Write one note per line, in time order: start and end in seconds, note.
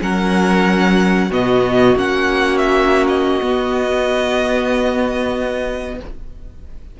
0.00 1.30 F#3
0.00 1.29 C#4
0.00 1.28 A#4
0.00 1.31 F#5
1.28 1.95 B2
1.28 1.95 B3
1.28 5.96 F#4
1.28 1.98 D#5
1.95 3.40 A#3
1.95 3.41 C#4
1.95 2.58 F#5
2.58 3.06 E5
3.08 5.98 D#5
3.42 6.00 B3